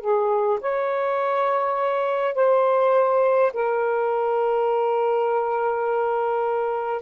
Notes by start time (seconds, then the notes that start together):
0.00 G#4
0.60 C#5
2.34 C5
3.53 A#4